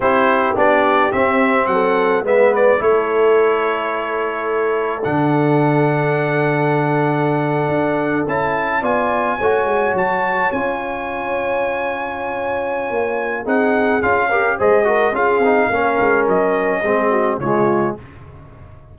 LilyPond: <<
  \new Staff \with { instrumentName = "trumpet" } { \time 4/4 \tempo 4 = 107 c''4 d''4 e''4 fis''4 | e''8 d''8 cis''2.~ | cis''4 fis''2.~ | fis''2~ fis''8. a''4 gis''16~ |
gis''4.~ gis''16 a''4 gis''4~ gis''16~ | gis''1 | fis''4 f''4 dis''4 f''4~ | f''4 dis''2 cis''4 | }
  \new Staff \with { instrumentName = "horn" } { \time 4/4 g'2. a'4 | b'4 a'2.~ | a'1~ | a'2.~ a'8. d''16~ |
d''8. cis''2.~ cis''16~ | cis''1 | gis'4. ais'8 c''8 ais'8 gis'4 | ais'2 gis'8 fis'8 f'4 | }
  \new Staff \with { instrumentName = "trombone" } { \time 4/4 e'4 d'4 c'2 | b4 e'2.~ | e'4 d'2.~ | d'2~ d'8. e'4 f'16~ |
f'8. fis'2 f'4~ f'16~ | f'1 | dis'4 f'8 g'8 gis'8 fis'8 f'8 dis'8 | cis'2 c'4 gis4 | }
  \new Staff \with { instrumentName = "tuba" } { \time 4/4 c'4 b4 c'4 fis4 | gis4 a2.~ | a4 d2.~ | d4.~ d16 d'4 cis'4 b16~ |
b8. a8 gis8 fis4 cis'4~ cis'16~ | cis'2. ais4 | c'4 cis'4 gis4 cis'8 c'8 | ais8 gis8 fis4 gis4 cis4 | }
>>